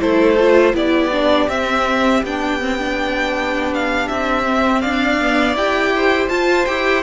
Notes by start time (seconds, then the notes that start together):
0.00 A3 E4 A4 C5
0.40 F4
0.74 B3 E4 G4 D5
1.12 D4
1.49 C4 E5
2.23 B3 D4 G5
2.61 C4
2.79 D4
3.74 F5
4.08 C4 E5
4.44 C4
4.82 D4 D5 F5
5.21 B3
5.55 E4 G4 G5
5.96 C5
6.29 F4 A5
6.66 E4 G4 G5